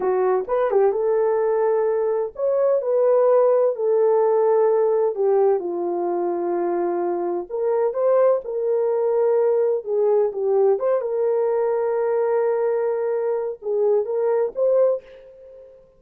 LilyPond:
\new Staff \with { instrumentName = "horn" } { \time 4/4 \tempo 4 = 128 fis'4 b'8 g'8 a'2~ | a'4 cis''4 b'2 | a'2. g'4 | f'1 |
ais'4 c''4 ais'2~ | ais'4 gis'4 g'4 c''8 ais'8~ | ais'1~ | ais'4 gis'4 ais'4 c''4 | }